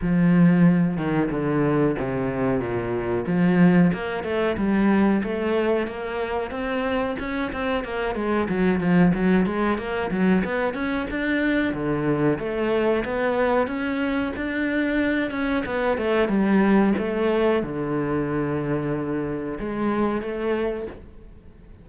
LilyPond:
\new Staff \with { instrumentName = "cello" } { \time 4/4 \tempo 4 = 92 f4. dis8 d4 c4 | ais,4 f4 ais8 a8 g4 | a4 ais4 c'4 cis'8 c'8 | ais8 gis8 fis8 f8 fis8 gis8 ais8 fis8 |
b8 cis'8 d'4 d4 a4 | b4 cis'4 d'4. cis'8 | b8 a8 g4 a4 d4~ | d2 gis4 a4 | }